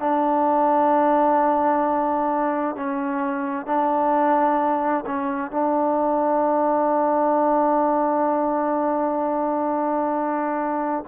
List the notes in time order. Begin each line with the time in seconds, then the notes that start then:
0.00 D4
2.76 C#4
3.67 D4
5.06 C#4
5.51 D4